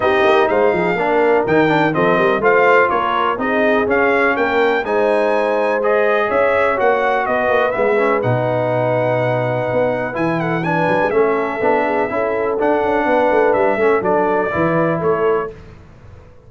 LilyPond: <<
  \new Staff \with { instrumentName = "trumpet" } { \time 4/4 \tempo 4 = 124 dis''4 f''2 g''4 | dis''4 f''4 cis''4 dis''4 | f''4 g''4 gis''2 | dis''4 e''4 fis''4 dis''4 |
e''4 fis''2.~ | fis''4 gis''8 fis''8 gis''4 e''4~ | e''2 fis''2 | e''4 d''2 cis''4 | }
  \new Staff \with { instrumentName = "horn" } { \time 4/4 g'4 c''8 gis'8 ais'2 | a'8 ais'8 c''4 ais'4 gis'4~ | gis'4 ais'4 c''2~ | c''4 cis''2 b'4~ |
b'1~ | b'4. a'8 b'4 a'4~ | a'8 gis'8 a'2 b'4~ | b'8 a'4. b'4 a'4 | }
  \new Staff \with { instrumentName = "trombone" } { \time 4/4 dis'2 d'4 dis'8 d'8 | c'4 f'2 dis'4 | cis'2 dis'2 | gis'2 fis'2 |
b8 cis'8 dis'2.~ | dis'4 e'4 d'4 cis'4 | d'4 e'4 d'2~ | d'8 cis'8 d'4 e'2 | }
  \new Staff \with { instrumentName = "tuba" } { \time 4/4 c'8 ais8 gis8 f8 ais4 dis4 | f8 g8 a4 ais4 c'4 | cis'4 ais4 gis2~ | gis4 cis'4 ais4 b8 ais8 |
gis4 b,2. | b4 e4. fis16 gis16 a4 | b4 cis'4 d'8 cis'8 b8 a8 | g8 a8 fis4 e4 a4 | }
>>